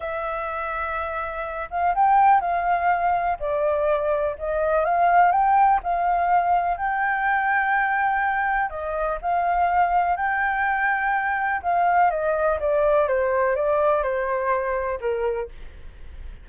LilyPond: \new Staff \with { instrumentName = "flute" } { \time 4/4 \tempo 4 = 124 e''2.~ e''8 f''8 | g''4 f''2 d''4~ | d''4 dis''4 f''4 g''4 | f''2 g''2~ |
g''2 dis''4 f''4~ | f''4 g''2. | f''4 dis''4 d''4 c''4 | d''4 c''2 ais'4 | }